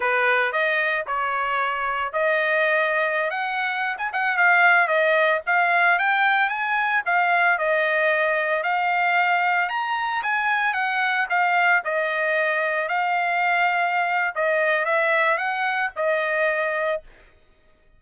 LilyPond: \new Staff \with { instrumentName = "trumpet" } { \time 4/4 \tempo 4 = 113 b'4 dis''4 cis''2 | dis''2~ dis''16 fis''4~ fis''16 gis''16 fis''16~ | fis''16 f''4 dis''4 f''4 g''8.~ | g''16 gis''4 f''4 dis''4.~ dis''16~ |
dis''16 f''2 ais''4 gis''8.~ | gis''16 fis''4 f''4 dis''4.~ dis''16~ | dis''16 f''2~ f''8. dis''4 | e''4 fis''4 dis''2 | }